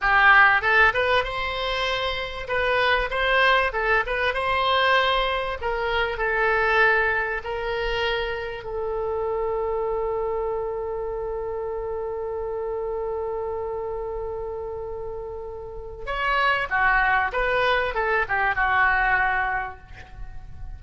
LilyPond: \new Staff \with { instrumentName = "oboe" } { \time 4/4 \tempo 4 = 97 g'4 a'8 b'8 c''2 | b'4 c''4 a'8 b'8 c''4~ | c''4 ais'4 a'2 | ais'2 a'2~ |
a'1~ | a'1~ | a'2 cis''4 fis'4 | b'4 a'8 g'8 fis'2 | }